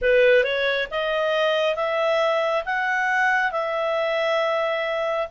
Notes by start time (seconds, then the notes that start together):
0.01 B4
0.43 C#5
0.90 D#5
1.75 E5
2.65 F#5
3.51 E5